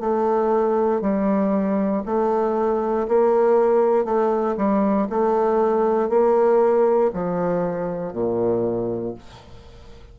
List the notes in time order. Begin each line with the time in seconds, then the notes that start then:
0.00 A3
1.01 G3
2.05 A3
3.08 A#3
4.05 A3
4.57 G3
5.10 A3
6.09 A#3
7.14 F3
8.13 A#2